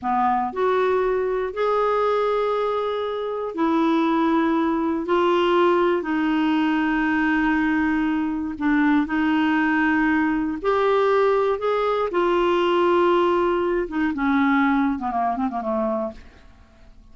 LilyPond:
\new Staff \with { instrumentName = "clarinet" } { \time 4/4 \tempo 4 = 119 b4 fis'2 gis'4~ | gis'2. e'4~ | e'2 f'2 | dis'1~ |
dis'4 d'4 dis'2~ | dis'4 g'2 gis'4 | f'2.~ f'8 dis'8 | cis'4.~ cis'16 b16 ais8 c'16 ais16 a4 | }